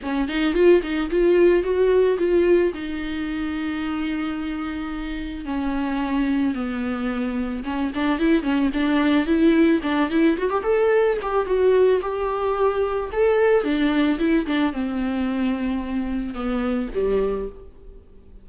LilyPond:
\new Staff \with { instrumentName = "viola" } { \time 4/4 \tempo 4 = 110 cis'8 dis'8 f'8 dis'8 f'4 fis'4 | f'4 dis'2.~ | dis'2 cis'2 | b2 cis'8 d'8 e'8 cis'8 |
d'4 e'4 d'8 e'8 fis'16 g'16 a'8~ | a'8 g'8 fis'4 g'2 | a'4 d'4 e'8 d'8 c'4~ | c'2 b4 g4 | }